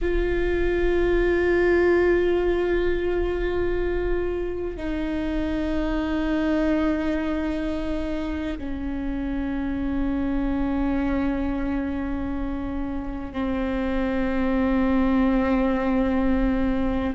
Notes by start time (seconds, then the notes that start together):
0.01 F4
4.76 D#4
8.58 C#4
13.32 C4